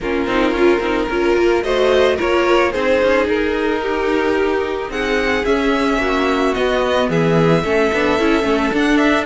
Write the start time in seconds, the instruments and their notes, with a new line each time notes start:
0.00 cello A#3, viola C#4, violin F4 A#4
0.26 cello C4, viola D#4
0.51 cello C#4, viola F4
0.80 cello C4, viola D#4
1.09 cello C#4, viola F4, violin A#4
1.36 cello A#3
1.62 cello A3, viola F#4, violin C5 D#5
2.16 cello A#3, viola F4, violin A#4 C#5
2.72 cello C4, viola D#4, violin G#4 C5
3.02 cello C#4
3.27 cello D#4, violin A#4
3.82 violin G4
4.89 cello C4, violin G#4 F#5
5.45 viola C#4, cello C#4, violin E5
5.98 cello A#3, violin F#4
6.54 viola B3, cello B3, violin D#5
7.09 cello E3, violin G#4 E5
7.63 cello A3, viola C#4, violin A4
7.93 cello B3, viola D4
8.19 cello C#4, viola E4
8.42 cello A3, viola C#4
8.73 cello D4, viola D4, violin F#5
8.97 violin E5